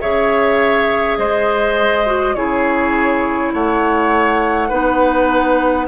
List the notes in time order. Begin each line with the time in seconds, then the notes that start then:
0.00 C#3 G#4 C#5 E5
1.17 G#3 C5 D#5
2.05 F#4
2.35 C#3 E4 G#4 C#5
3.53 A3 C#5 F#5
4.68 B3 D#4 B4